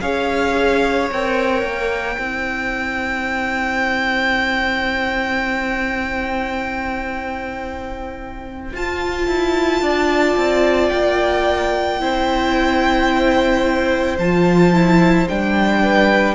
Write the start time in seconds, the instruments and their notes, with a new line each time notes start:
0.00 cello C#4, viola G#4, violin C#5 F5
1.11 cello C4, viola A#4, violin G5
1.62 cello A#3
2.17 cello C4, viola E4, violin C5
8.73 cello F4, viola F4, violin A5
9.27 cello E4
9.81 cello D4, violin D5
10.36 cello C4
10.89 cello A#3, violin G5
11.99 cello C4, viola E4, violin C5
14.18 cello F3, viola F4, violin A5
14.73 viola E4
15.28 cello G3, viola D4, violin G5
15.82 violin B4